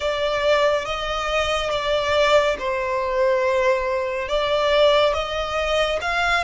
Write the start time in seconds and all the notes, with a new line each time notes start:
0.00 D5
0.85 D#5
1.70 D5
2.58 C5
4.28 D5
5.13 D#5
6.01 F5